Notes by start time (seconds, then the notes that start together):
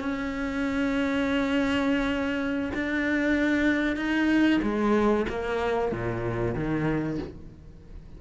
0.00 C#4
2.74 D4
3.96 D#4
4.62 G#3
5.29 A#3
5.92 A#2
6.55 D#3